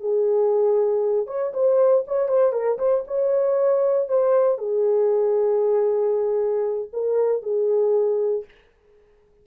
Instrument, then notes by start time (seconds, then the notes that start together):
horn
0.00 G#4
1.27 C#5
1.53 C5
2.07 C#5
2.28 C5
2.52 A#4
2.78 C5
3.07 C#5
4.08 C5
4.58 G#4
6.93 A#4
7.42 G#4